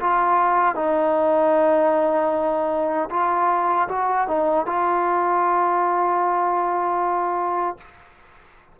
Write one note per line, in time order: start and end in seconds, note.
0.00 0.75 F4
0.75 3.09 D#4
3.10 3.88 F4
3.88 4.27 F#4
4.28 4.66 D#4
4.66 7.77 F4